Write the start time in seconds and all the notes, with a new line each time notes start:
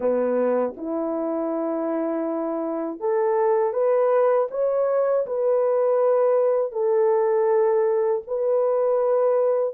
0.00 B3
0.76 E4
3.00 A4
3.73 B4
4.50 C#5
5.26 B4
6.71 A4
8.27 B4